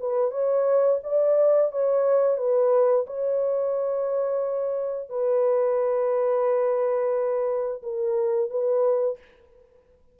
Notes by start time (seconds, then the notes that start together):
0.00 B4
0.31 C#5
1.04 D5
1.72 C#5
2.38 B4
3.07 C#5
5.10 B4
7.83 A#4
8.50 B4